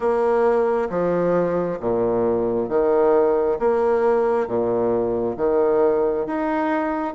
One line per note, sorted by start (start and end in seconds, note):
0.00 0.88 A#3
0.90 1.79 F3
1.80 2.68 A#2
2.68 3.58 D#3
3.59 4.47 A#3
4.47 5.36 A#2
5.36 6.26 D#3
6.26 7.14 D#4